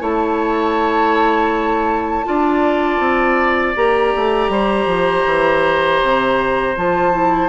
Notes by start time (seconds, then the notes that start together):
0.00 A3 E4 C#5 A5
2.25 D4 F4 D5
3.00 C4
3.75 A#3 G4 A#5
4.16 A3
4.49 G3 C5
4.86 F3
5.26 E3
6.03 C3
6.77 F3 F4 A5
7.12 E4